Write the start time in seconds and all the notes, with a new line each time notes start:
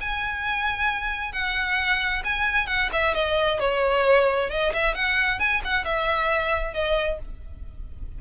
0.00 G#5
1.32 F#5
2.24 G#5
2.67 F#5
2.92 E5
3.14 D#5
3.59 C#5
4.50 D#5
4.73 E5
4.94 F#5
5.39 G#5
5.64 F#5
5.84 E5
6.73 D#5